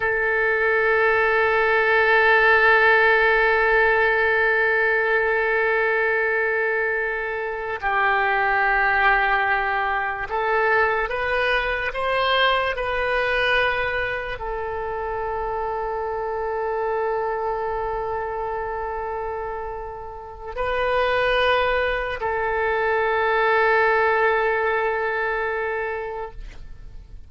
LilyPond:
\new Staff \with { instrumentName = "oboe" } { \time 4/4 \tempo 4 = 73 a'1~ | a'1~ | a'4. g'2~ g'8~ | g'8 a'4 b'4 c''4 b'8~ |
b'4. a'2~ a'8~ | a'1~ | a'4 b'2 a'4~ | a'1 | }